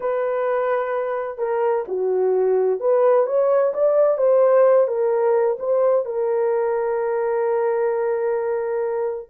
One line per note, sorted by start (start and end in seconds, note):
0.00 1.38 B4
1.38 1.84 A#4
1.88 2.79 F#4
2.79 3.26 B4
3.26 3.72 C#5
3.73 4.17 D5
4.17 4.87 C5
4.87 5.57 A#4
5.59 6.05 C5
6.05 9.29 A#4